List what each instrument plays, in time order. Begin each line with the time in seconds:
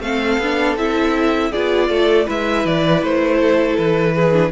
0.00 cello A3, viola C4, violin A4 F5
0.38 cello B3, viola D4
0.76 cello C4, viola E4, violin E5
1.51 cello B3, viola F4, violin G#4 D5
1.89 cello A3, violin A4
2.26 cello G#3, viola E4, violin B4 E5
2.66 cello E3, violin D5
3.03 cello A3, violin C5
3.42 violin A4
3.77 cello E3, violin B4
4.16 violin G#4
4.33 viola D4